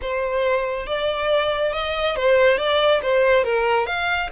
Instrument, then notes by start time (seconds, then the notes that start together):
violin
0.01 C5
0.86 D5
1.73 D#5
2.15 C5
2.57 D5
3.02 C5
3.44 A#4
3.86 F5